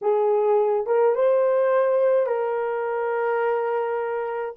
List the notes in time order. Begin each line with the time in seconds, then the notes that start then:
0.01 G#4
0.86 A#4
1.15 C5
2.26 A#4